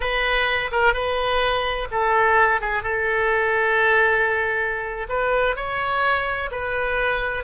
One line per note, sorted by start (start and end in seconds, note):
0.00 0.70 B4
0.71 0.93 A#4
0.93 1.88 B4
1.91 2.60 A4
2.60 2.82 G#4
2.82 5.07 A4
5.09 5.56 B4
5.56 6.50 C#5
6.51 7.44 B4